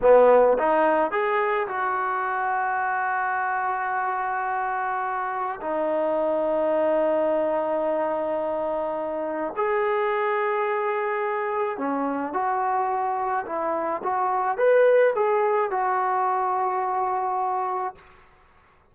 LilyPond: \new Staff \with { instrumentName = "trombone" } { \time 4/4 \tempo 4 = 107 b4 dis'4 gis'4 fis'4~ | fis'1~ | fis'2 dis'2~ | dis'1~ |
dis'4 gis'2.~ | gis'4 cis'4 fis'2 | e'4 fis'4 b'4 gis'4 | fis'1 | }